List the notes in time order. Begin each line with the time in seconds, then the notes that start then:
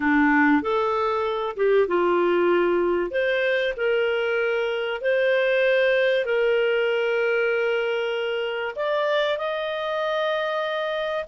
0.00 D4
0.62 A4
1.56 G4
1.87 F4
3.11 C5
3.76 A#4
5.01 C5
6.25 A#4
8.75 D5
9.37 D#5